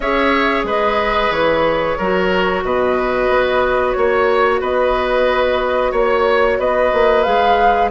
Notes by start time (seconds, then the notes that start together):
0.00 C#4 G#4 C#5 E5
0.63 G#3 B4 D#5
1.30 E3 C#5
1.97 F#3 F#4 A#4
2.63 B2 B4 D#5
3.29 B3
3.92 A#3 C#5
4.60 B3 B4 D#5
5.91 A#3 C#5
6.58 B3 B4 D#5
6.93 A#3
7.23 G#3 G#4 F5